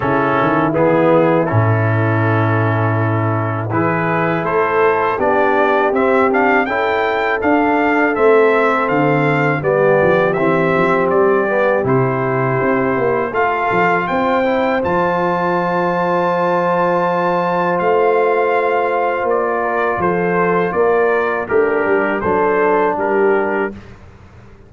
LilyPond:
<<
  \new Staff \with { instrumentName = "trumpet" } { \time 4/4 \tempo 4 = 81 a'4 gis'4 a'2~ | a'4 b'4 c''4 d''4 | e''8 f''8 g''4 f''4 e''4 | f''4 d''4 e''4 d''4 |
c''2 f''4 g''4 | a''1 | f''2 d''4 c''4 | d''4 ais'4 c''4 ais'4 | }
  \new Staff \with { instrumentName = "horn" } { \time 4/4 e'1~ | e'4 gis'4 a'4 g'4~ | g'4 a'2.~ | a'4 g'2.~ |
g'2 a'4 c''4~ | c''1~ | c''2~ c''8 ais'8 a'4 | ais'4 d'4 a'4 g'4 | }
  \new Staff \with { instrumentName = "trombone" } { \time 4/4 cis'4 b4 cis'2~ | cis'4 e'2 d'4 | c'8 d'8 e'4 d'4 c'4~ | c'4 b4 c'4. b8 |
e'2 f'4. e'8 | f'1~ | f'1~ | f'4 g'4 d'2 | }
  \new Staff \with { instrumentName = "tuba" } { \time 4/4 cis8 dis8 e4 a,2~ | a,4 e4 a4 b4 | c'4 cis'4 d'4 a4 | d4 g8 f8 e8 f8 g4 |
c4 c'8 ais8 a8 f8 c'4 | f1 | a2 ais4 f4 | ais4 a8 g8 fis4 g4 | }
>>